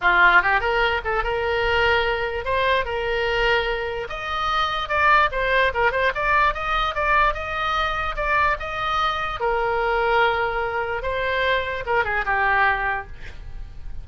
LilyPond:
\new Staff \with { instrumentName = "oboe" } { \time 4/4 \tempo 4 = 147 f'4 g'8 ais'4 a'8 ais'4~ | ais'2 c''4 ais'4~ | ais'2 dis''2 | d''4 c''4 ais'8 c''8 d''4 |
dis''4 d''4 dis''2 | d''4 dis''2 ais'4~ | ais'2. c''4~ | c''4 ais'8 gis'8 g'2 | }